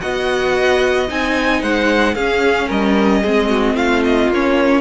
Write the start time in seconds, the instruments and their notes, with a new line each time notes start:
0.00 cello B3, viola F#4, violin D#5 F#5
1.08 cello C4, viola D#4, violin G#5
1.62 cello G#3, violin C5 F#5
2.15 cello C#4, viola C#4, violin G#4 F5
2.67 cello G3, violin A#4 D#5
3.22 cello G#3, viola C4, violin G#4
3.49 violin F#4
3.74 cello A3, violin F4 F5
4.04 violin D#5
4.28 cello A#3, viola C#4, violin C#5